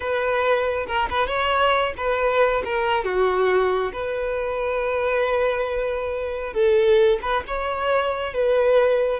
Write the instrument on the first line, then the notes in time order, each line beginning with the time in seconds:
violin
0.00 B4
0.86 A#4
1.10 B4
1.27 C#5
1.97 B4
2.64 A#4
3.04 F#4
3.92 B4
6.53 A4
7.21 B4
7.47 C#5
8.33 B4